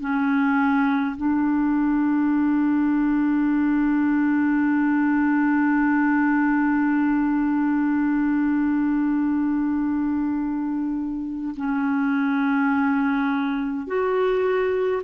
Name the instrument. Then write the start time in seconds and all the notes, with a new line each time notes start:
clarinet
0.00 C#4
1.16 D4
11.56 C#4
13.87 F#4